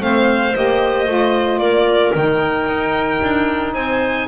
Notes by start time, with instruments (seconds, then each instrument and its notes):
0.00 double bass A3, saxophone C4, clarinet C5, violin F5
0.55 double bass A#3, saxophone G4, violin D#5
1.06 double bass A3, saxophone F4
1.58 double bass A#3, clarinet A#4, violin D5
2.15 double bass D#3, saxophone D#4, violin G5
2.66 double bass D#4
3.23 double bass D4
3.74 double bass C4, clarinet C5, violin G#5